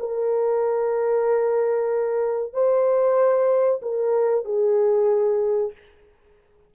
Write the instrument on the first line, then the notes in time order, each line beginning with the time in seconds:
horn
0.00 A#4
2.54 C5
3.82 A#4
4.45 G#4